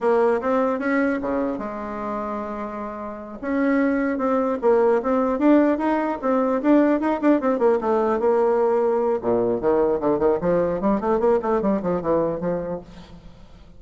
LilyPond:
\new Staff \with { instrumentName = "bassoon" } { \time 4/4 \tempo 4 = 150 ais4 c'4 cis'4 cis4 | gis1~ | gis8 cis'2 c'4 ais8~ | ais8 c'4 d'4 dis'4 c'8~ |
c'8 d'4 dis'8 d'8 c'8 ais8 a8~ | a8 ais2~ ais8 ais,4 | dis4 d8 dis8 f4 g8 a8 | ais8 a8 g8 f8 e4 f4 | }